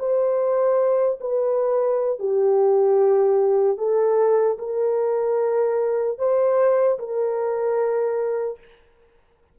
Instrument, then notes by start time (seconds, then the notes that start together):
horn
0.00 C5
1.21 B4
2.20 G4
3.78 A4
4.59 A#4
6.19 C5
6.99 A#4